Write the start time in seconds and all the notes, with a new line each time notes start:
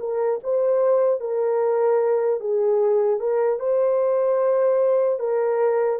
0.00 A#4
0.44 C5
1.20 A#4
2.40 G#4
3.20 A#4
3.60 C5
5.20 A#4